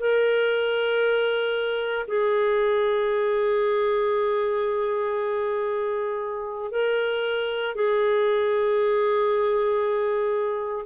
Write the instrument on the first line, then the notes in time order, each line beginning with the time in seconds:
clarinet
0.00 A#4
2.08 G#4
6.72 A#4
7.76 G#4